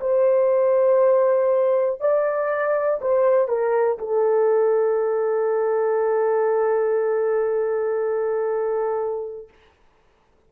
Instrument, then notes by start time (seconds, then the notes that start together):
horn
0.00 C5
2.00 D5
3.01 C5
3.48 A#4
3.98 A4